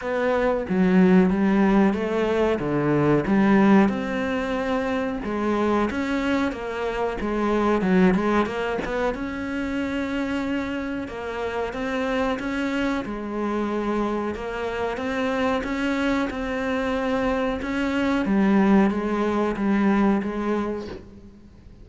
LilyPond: \new Staff \with { instrumentName = "cello" } { \time 4/4 \tempo 4 = 92 b4 fis4 g4 a4 | d4 g4 c'2 | gis4 cis'4 ais4 gis4 | fis8 gis8 ais8 b8 cis'2~ |
cis'4 ais4 c'4 cis'4 | gis2 ais4 c'4 | cis'4 c'2 cis'4 | g4 gis4 g4 gis4 | }